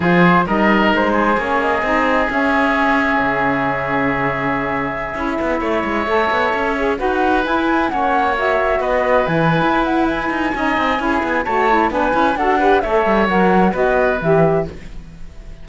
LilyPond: <<
  \new Staff \with { instrumentName = "flute" } { \time 4/4 \tempo 4 = 131 c''4 dis''4 c''4 cis''8 dis''8~ | dis''4 e''2.~ | e''1~ | e''2.~ e''16 fis''8.~ |
fis''16 gis''4 fis''4 e''4 dis''8.~ | dis''16 gis''4~ gis''16 fis''8 gis''2~ | gis''4 a''4 gis''4 fis''4 | e''4 fis''4 dis''4 e''4 | }
  \new Staff \with { instrumentName = "oboe" } { \time 4/4 gis'4 ais'4. gis'4.~ | gis'1~ | gis'1~ | gis'16 cis''2. b'8.~ |
b'4~ b'16 cis''2 b'8.~ | b'2. dis''4 | gis'4 cis''4 b'4 a'8 b'8 | cis''2 b'2 | }
  \new Staff \with { instrumentName = "saxophone" } { \time 4/4 f'4 dis'2 cis'4 | dis'4 cis'2.~ | cis'2.~ cis'16 e'8.~ | e'4~ e'16 a'4. gis'8 fis'8.~ |
fis'16 e'4 cis'4 fis'4.~ fis'16~ | fis'16 e'2~ e'8. dis'4 | e'4 fis'8 e'8 d'8 e'8 fis'8 g'8 | a'4 ais'4 fis'4 g'4 | }
  \new Staff \with { instrumentName = "cello" } { \time 4/4 f4 g4 gis4 ais4 | c'4 cis'2 cis4~ | cis2.~ cis16 cis'8 b16~ | b16 a8 gis8 a8 b8 cis'4 dis'8.~ |
dis'16 e'4 ais2 b8.~ | b16 e8. e'4. dis'8 cis'8 c'8 | cis'8 b8 a4 b8 cis'8 d'4 | a8 g8 fis4 b4 e4 | }
>>